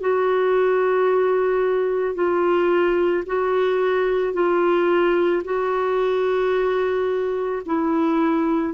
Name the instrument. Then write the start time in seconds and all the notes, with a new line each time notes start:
clarinet
0.00 F#4
2.15 F4
3.26 F#4
4.33 F4
5.44 F#4
7.66 E4